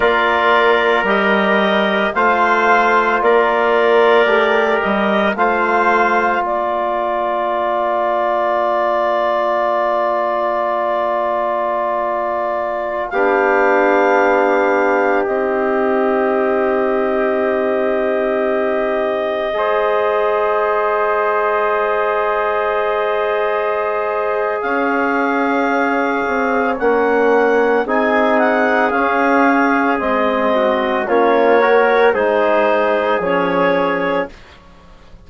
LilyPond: <<
  \new Staff \with { instrumentName = "clarinet" } { \time 4/4 \tempo 4 = 56 d''4 dis''4 f''4 d''4~ | d''8 dis''8 f''4 d''2~ | d''1~ | d''16 f''2 dis''4.~ dis''16~ |
dis''1~ | dis''2. f''4~ | f''4 fis''4 gis''8 fis''8 f''4 | dis''4 cis''4 c''4 cis''4 | }
  \new Staff \with { instrumentName = "trumpet" } { \time 4/4 ais'2 c''4 ais'4~ | ais'4 c''4 ais'2~ | ais'1~ | ais'16 g'2.~ g'8.~ |
g'2~ g'16 c''4.~ c''16~ | c''2. cis''4~ | cis''2 gis'2~ | gis'8 fis'8 f'8 ais'8 gis'2 | }
  \new Staff \with { instrumentName = "trombone" } { \time 4/4 f'4 g'4 f'2 | g'4 f'2.~ | f'1~ | f'16 d'2 dis'4.~ dis'16~ |
dis'2~ dis'16 gis'4.~ gis'16~ | gis'1~ | gis'4 cis'4 dis'4 cis'4 | c'4 cis'8 fis'8 dis'4 cis'4 | }
  \new Staff \with { instrumentName = "bassoon" } { \time 4/4 ais4 g4 a4 ais4 | a8 g8 a4 ais2~ | ais1~ | ais16 b2 c'4.~ c'16~ |
c'2~ c'16 gis4.~ gis16~ | gis2. cis'4~ | cis'8 c'8 ais4 c'4 cis'4 | gis4 ais4 gis4 f4 | }
>>